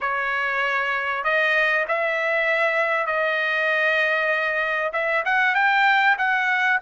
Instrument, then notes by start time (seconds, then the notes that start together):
trumpet
0.00 C#5
1.23 D#5
1.88 E5
3.06 D#5
4.93 E5
5.25 F#5
5.54 G5
6.18 F#5